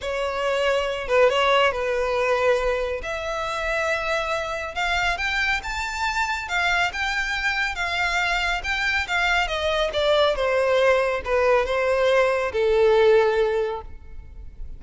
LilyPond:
\new Staff \with { instrumentName = "violin" } { \time 4/4 \tempo 4 = 139 cis''2~ cis''8 b'8 cis''4 | b'2. e''4~ | e''2. f''4 | g''4 a''2 f''4 |
g''2 f''2 | g''4 f''4 dis''4 d''4 | c''2 b'4 c''4~ | c''4 a'2. | }